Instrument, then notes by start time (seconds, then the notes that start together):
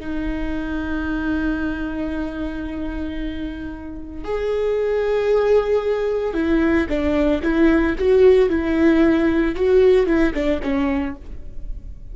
viola
0.00 D#4
4.25 G#4
6.35 E4
6.89 D4
7.43 E4
7.99 F#4
8.50 E4
9.56 F#4
10.07 E4
10.34 D4
10.63 C#4